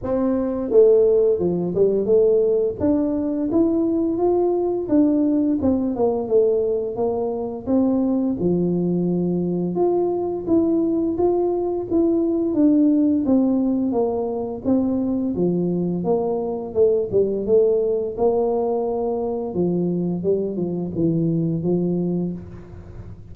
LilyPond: \new Staff \with { instrumentName = "tuba" } { \time 4/4 \tempo 4 = 86 c'4 a4 f8 g8 a4 | d'4 e'4 f'4 d'4 | c'8 ais8 a4 ais4 c'4 | f2 f'4 e'4 |
f'4 e'4 d'4 c'4 | ais4 c'4 f4 ais4 | a8 g8 a4 ais2 | f4 g8 f8 e4 f4 | }